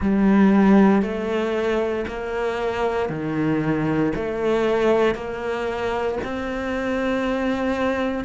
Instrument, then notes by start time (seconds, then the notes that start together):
cello
0.00 G3
1.02 A3
2.07 A#3
3.09 D#3
4.15 A3
5.14 A#3
6.24 C4